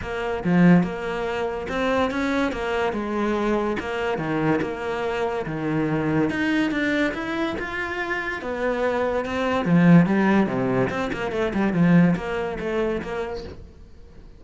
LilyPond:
\new Staff \with { instrumentName = "cello" } { \time 4/4 \tempo 4 = 143 ais4 f4 ais2 | c'4 cis'4 ais4 gis4~ | gis4 ais4 dis4 ais4~ | ais4 dis2 dis'4 |
d'4 e'4 f'2 | b2 c'4 f4 | g4 c4 c'8 ais8 a8 g8 | f4 ais4 a4 ais4 | }